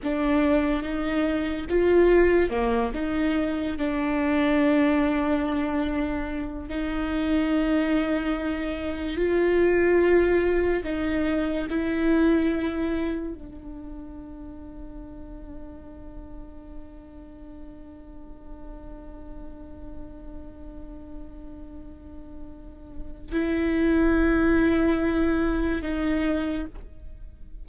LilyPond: \new Staff \with { instrumentName = "viola" } { \time 4/4 \tempo 4 = 72 d'4 dis'4 f'4 ais8 dis'8~ | dis'8 d'2.~ d'8 | dis'2. f'4~ | f'4 dis'4 e'2 |
d'1~ | d'1~ | d'1 | e'2. dis'4 | }